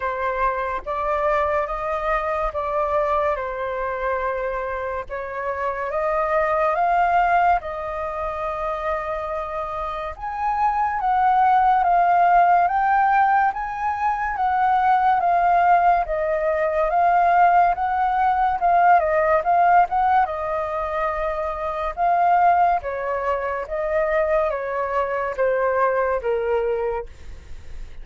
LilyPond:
\new Staff \with { instrumentName = "flute" } { \time 4/4 \tempo 4 = 71 c''4 d''4 dis''4 d''4 | c''2 cis''4 dis''4 | f''4 dis''2. | gis''4 fis''4 f''4 g''4 |
gis''4 fis''4 f''4 dis''4 | f''4 fis''4 f''8 dis''8 f''8 fis''8 | dis''2 f''4 cis''4 | dis''4 cis''4 c''4 ais'4 | }